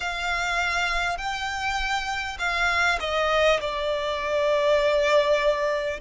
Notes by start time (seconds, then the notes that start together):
0.00 F5
1.17 G5
2.38 F5
2.99 D#5
3.60 D5